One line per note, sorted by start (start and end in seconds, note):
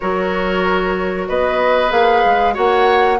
0.00 1.29 F#3
0.00 1.89 F#4
0.00 1.28 A#4
0.00 1.26 C#5
1.28 1.91 B3
1.28 2.54 B4
1.28 1.91 D#5
1.89 2.23 A#3
1.89 2.53 G#4
1.89 2.55 F5
2.25 2.57 G#3
2.53 3.19 A#3
2.53 3.17 F#4
2.53 3.17 C#5
2.53 3.19 F#5